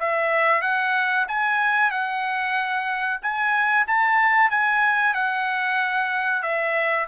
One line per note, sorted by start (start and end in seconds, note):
0.00 0.62 E5
0.62 1.26 F#5
1.28 1.91 G#5
1.91 3.20 F#5
3.22 3.87 G#5
3.88 4.51 A5
4.51 5.14 G#5
5.14 6.43 F#5
6.43 7.07 E5